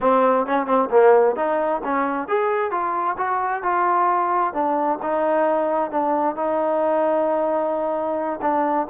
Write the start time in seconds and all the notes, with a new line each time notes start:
0.00 C4
0.46 C#4
0.66 C4
0.90 A#3
1.36 D#4
1.83 C#4
2.28 G#4
2.71 F4
3.17 F#4
3.62 F4
4.53 D4
5.02 D#4
5.90 D4
6.35 D#4
8.41 D4